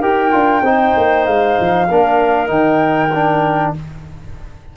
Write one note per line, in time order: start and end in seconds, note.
0.00 0.32 D#4
0.00 0.31 G4
0.00 0.62 A#4
0.00 1.25 G5
0.31 0.61 D4
0.31 0.62 F4
0.61 0.92 C4
0.61 1.88 D#4
0.61 1.87 C5
0.97 1.27 A#3
1.25 1.58 G#3
1.25 2.49 F5
1.60 1.91 F3
1.88 2.50 A#3
1.88 2.47 D4
1.88 3.74 A#4
2.47 3.74 D#3
2.47 3.09 D#4
2.47 3.74 G5
3.14 3.76 D4